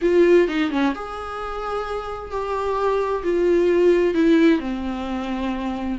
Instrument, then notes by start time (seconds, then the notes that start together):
viola
0.01 F4
0.48 D#4
0.70 C#4
0.94 G#4
2.31 G4
3.23 F4
4.14 E4
4.59 C4